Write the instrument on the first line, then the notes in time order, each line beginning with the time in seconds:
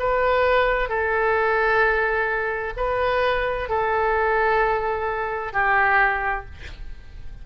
oboe
0.00 B4
0.89 A4
2.77 B4
3.70 A4
5.53 G4